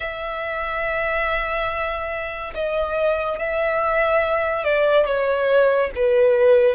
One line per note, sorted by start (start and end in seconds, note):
0.00 2.53 E5
2.54 3.38 D#5
3.38 4.64 E5
4.64 5.06 D5
5.06 5.90 C#5
5.95 6.75 B4